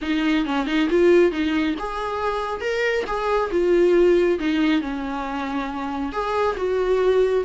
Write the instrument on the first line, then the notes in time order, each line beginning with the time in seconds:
viola
0.01 D#4
0.45 C#4
0.66 D#4
0.90 F4
1.31 D#4
1.78 G#4
2.60 A#4
3.06 G#4
3.51 F4
4.39 D#4
4.81 C#4
6.12 G#4
6.56 F#4